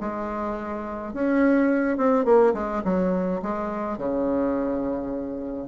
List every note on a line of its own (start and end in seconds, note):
0.00 1.13 G#3
1.13 1.97 C#4
1.97 2.25 C4
2.25 2.54 A#3
2.54 2.83 G#3
2.84 3.41 F#3
3.42 3.98 G#3
3.98 5.68 C#3